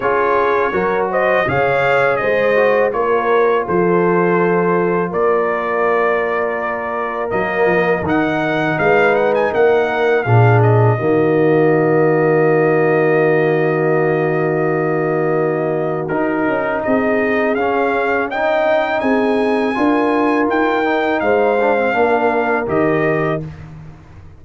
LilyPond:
<<
  \new Staff \with { instrumentName = "trumpet" } { \time 4/4 \tempo 4 = 82 cis''4. dis''8 f''4 dis''4 | cis''4 c''2 d''4~ | d''2 dis''4 fis''4 | f''8 fis''16 gis''16 fis''4 f''8 dis''4.~ |
dis''1~ | dis''2 ais'4 dis''4 | f''4 g''4 gis''2 | g''4 f''2 dis''4 | }
  \new Staff \with { instrumentName = "horn" } { \time 4/4 gis'4 ais'8 c''8 cis''4 c''4 | ais'4 a'2 ais'4~ | ais'1 | b'4 ais'4 gis'4 fis'4~ |
fis'1~ | fis'2. gis'4~ | gis'4 dis''4 gis'4 ais'4~ | ais'4 c''4 ais'2 | }
  \new Staff \with { instrumentName = "trombone" } { \time 4/4 f'4 fis'4 gis'4. fis'8 | f'1~ | f'2 ais4 dis'4~ | dis'2 d'4 ais4~ |
ais1~ | ais2 dis'2 | cis'4 dis'2 f'4~ | f'8 dis'4 d'16 c'16 d'4 g'4 | }
  \new Staff \with { instrumentName = "tuba" } { \time 4/4 cis'4 fis4 cis4 gis4 | ais4 f2 ais4~ | ais2 fis8 f8 dis4 | gis4 ais4 ais,4 dis4~ |
dis1~ | dis2 dis'8 cis'8 c'4 | cis'2 c'4 d'4 | dis'4 gis4 ais4 dis4 | }
>>